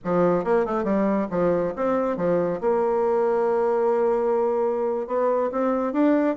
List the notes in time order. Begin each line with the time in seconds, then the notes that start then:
0.04 F3
0.44 A#3
0.65 A3
0.84 G3
1.30 F3
1.75 C4
2.16 F3
2.60 A#3
5.07 B3
5.51 C4
5.93 D4